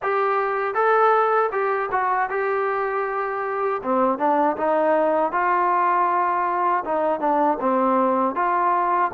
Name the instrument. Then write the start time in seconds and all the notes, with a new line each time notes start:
trombone
0.02 G4
0.74 A4
1.52 G4
1.91 F#4
2.29 G4
3.83 C4
4.18 D4
4.56 D#4
5.32 F4
6.85 D#4
7.20 D4
7.60 C4
8.35 F4